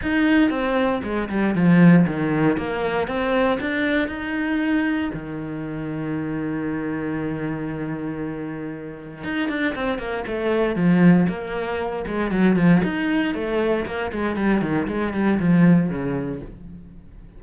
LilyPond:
\new Staff \with { instrumentName = "cello" } { \time 4/4 \tempo 4 = 117 dis'4 c'4 gis8 g8 f4 | dis4 ais4 c'4 d'4 | dis'2 dis2~ | dis1~ |
dis2 dis'8 d'8 c'8 ais8 | a4 f4 ais4. gis8 | fis8 f8 dis'4 a4 ais8 gis8 | g8 dis8 gis8 g8 f4 cis4 | }